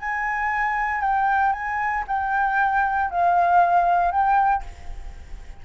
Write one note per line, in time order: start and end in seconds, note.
0.00 1.02 G#5
1.02 1.53 G5
1.53 2.05 G#5
2.08 3.11 G5
3.11 4.12 F5
4.12 4.63 G5